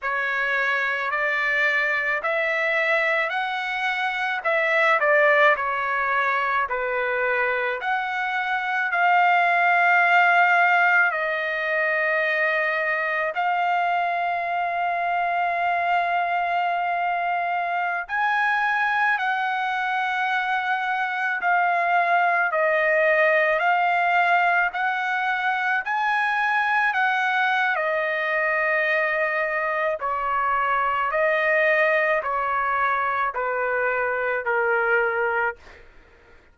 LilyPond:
\new Staff \with { instrumentName = "trumpet" } { \time 4/4 \tempo 4 = 54 cis''4 d''4 e''4 fis''4 | e''8 d''8 cis''4 b'4 fis''4 | f''2 dis''2 | f''1~ |
f''16 gis''4 fis''2 f''8.~ | f''16 dis''4 f''4 fis''4 gis''8.~ | gis''16 fis''8. dis''2 cis''4 | dis''4 cis''4 b'4 ais'4 | }